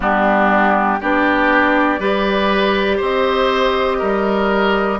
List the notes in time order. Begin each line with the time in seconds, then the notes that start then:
0.00 G3 B3 D4 G4
1.00 B3 D4 G4 D5
1.99 G3 G4 B4
2.97 C4 C5 D#5
3.99 G3 A#4